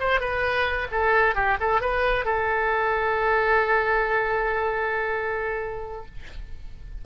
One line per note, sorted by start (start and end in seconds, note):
0.00 0.20 C5
0.20 0.88 B4
0.92 1.35 A4
1.35 1.58 G4
1.60 1.81 A4
1.81 2.25 B4
2.25 6.06 A4